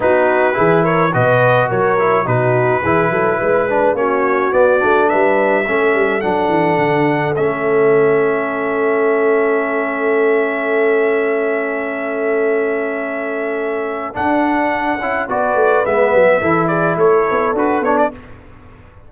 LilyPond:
<<
  \new Staff \with { instrumentName = "trumpet" } { \time 4/4 \tempo 4 = 106 b'4. cis''8 dis''4 cis''4 | b'2. cis''4 | d''4 e''2 fis''4~ | fis''4 e''2.~ |
e''1~ | e''1~ | e''4 fis''2 d''4 | e''4. d''8 cis''4 b'8 cis''16 d''16 | }
  \new Staff \with { instrumentName = "horn" } { \time 4/4 fis'4 gis'8 ais'8 b'4 ais'4 | fis'4 gis'8 a'8 b'4 fis'4~ | fis'4 b'4 a'2~ | a'1~ |
a'1~ | a'1~ | a'2. b'4~ | b'4 a'8 gis'8 a'2 | }
  \new Staff \with { instrumentName = "trombone" } { \time 4/4 dis'4 e'4 fis'4. e'8 | dis'4 e'4. d'8 cis'4 | b8 d'4. cis'4 d'4~ | d'4 cis'2.~ |
cis'1~ | cis'1~ | cis'4 d'4. e'8 fis'4 | b4 e'2 fis'8 d'8 | }
  \new Staff \with { instrumentName = "tuba" } { \time 4/4 b4 e4 b,4 fis4 | b,4 e8 fis8 gis4 ais4 | b8 a8 g4 a8 g8 fis8 e8 | d4 a2.~ |
a1~ | a1~ | a4 d'4. cis'8 b8 a8 | gis8 fis8 e4 a8 b8 d'8 b8 | }
>>